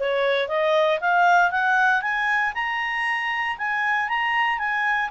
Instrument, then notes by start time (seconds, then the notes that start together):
clarinet
0.00 C#5
0.49 D#5
1.01 F5
1.52 F#5
2.02 G#5
2.55 A#5
3.59 G#5
4.09 A#5
4.59 G#5